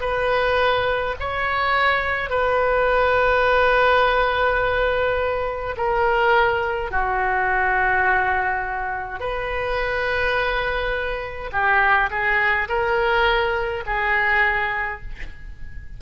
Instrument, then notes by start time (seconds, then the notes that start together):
oboe
0.00 B4
1.20 C#5
2.30 B4
5.76 A#4
6.91 F#4
9.19 B4
11.52 G4
12.10 G#4
12.68 A#4
13.86 G#4